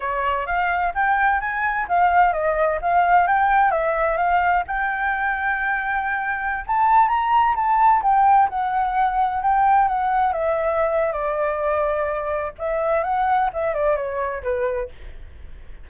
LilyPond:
\new Staff \with { instrumentName = "flute" } { \time 4/4 \tempo 4 = 129 cis''4 f''4 g''4 gis''4 | f''4 dis''4 f''4 g''4 | e''4 f''4 g''2~ | g''2~ g''16 a''4 ais''8.~ |
ais''16 a''4 g''4 fis''4.~ fis''16~ | fis''16 g''4 fis''4 e''4.~ e''16 | d''2. e''4 | fis''4 e''8 d''8 cis''4 b'4 | }